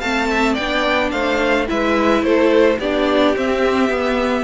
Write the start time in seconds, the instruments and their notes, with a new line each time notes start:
0.00 cello A3, viola C4, violin F5 A5
0.31 violin E5
0.53 cello B3, violin D5 G5
0.60 viola D4
1.11 cello A3, violin C5 F5
1.67 cello G#3, viola E4, violin B4 E5
2.23 cello A3, violin A4 C5
2.80 cello B3, viola D4, violin G4 D5
3.36 viola C4, cello C4, violin E5
3.90 cello B3, viola B3